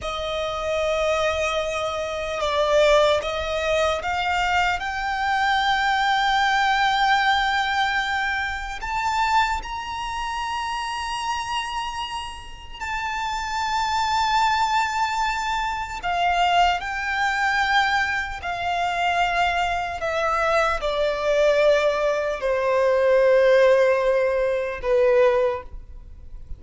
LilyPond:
\new Staff \with { instrumentName = "violin" } { \time 4/4 \tempo 4 = 75 dis''2. d''4 | dis''4 f''4 g''2~ | g''2. a''4 | ais''1 |
a''1 | f''4 g''2 f''4~ | f''4 e''4 d''2 | c''2. b'4 | }